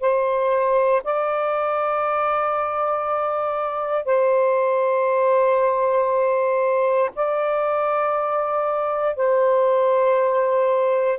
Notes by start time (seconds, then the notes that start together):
0.00 C5
1.04 D5
4.05 C5
7.15 D5
9.16 C5